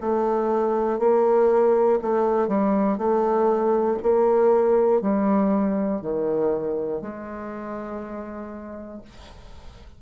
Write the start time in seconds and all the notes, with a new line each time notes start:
0.00 A3
0.99 A#3
2.01 A3
2.48 G3
2.97 A3
4.02 A#3
5.01 G3
6.01 D#3
7.01 G#3